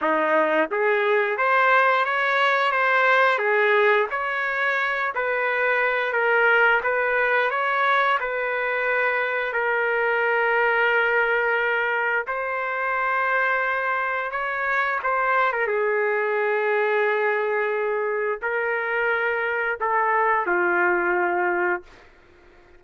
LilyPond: \new Staff \with { instrumentName = "trumpet" } { \time 4/4 \tempo 4 = 88 dis'4 gis'4 c''4 cis''4 | c''4 gis'4 cis''4. b'8~ | b'4 ais'4 b'4 cis''4 | b'2 ais'2~ |
ais'2 c''2~ | c''4 cis''4 c''8. ais'16 gis'4~ | gis'2. ais'4~ | ais'4 a'4 f'2 | }